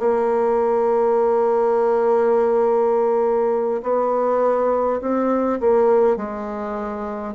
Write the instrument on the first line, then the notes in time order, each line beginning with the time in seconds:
bassoon
0.00 A#3
3.83 B3
5.02 C4
5.60 A#3
6.17 G#3